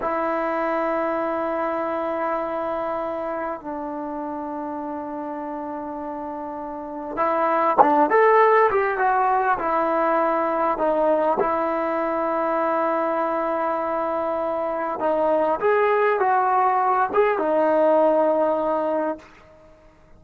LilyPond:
\new Staff \with { instrumentName = "trombone" } { \time 4/4 \tempo 4 = 100 e'1~ | e'2 d'2~ | d'1 | e'4 d'8 a'4 g'8 fis'4 |
e'2 dis'4 e'4~ | e'1~ | e'4 dis'4 gis'4 fis'4~ | fis'8 gis'8 dis'2. | }